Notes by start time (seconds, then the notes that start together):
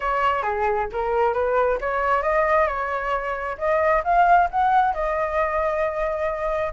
0.00 C#5
0.42 G#4
0.92 A#4
1.33 B4
1.81 C#5
2.22 D#5
2.67 C#5
3.58 D#5
4.04 F5
4.50 F#5
4.94 D#5